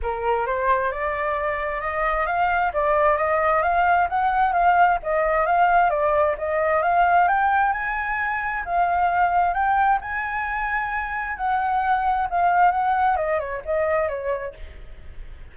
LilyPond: \new Staff \with { instrumentName = "flute" } { \time 4/4 \tempo 4 = 132 ais'4 c''4 d''2 | dis''4 f''4 d''4 dis''4 | f''4 fis''4 f''4 dis''4 | f''4 d''4 dis''4 f''4 |
g''4 gis''2 f''4~ | f''4 g''4 gis''2~ | gis''4 fis''2 f''4 | fis''4 dis''8 cis''8 dis''4 cis''4 | }